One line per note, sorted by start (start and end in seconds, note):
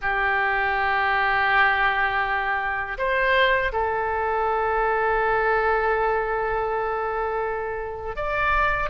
0.01 2.97 G4
2.98 3.72 C5
3.72 8.15 A4
8.15 8.89 D5